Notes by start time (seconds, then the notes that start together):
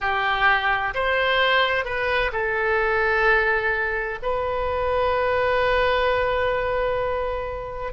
0.00 G4
0.94 C5
1.84 B4
2.32 A4
4.22 B4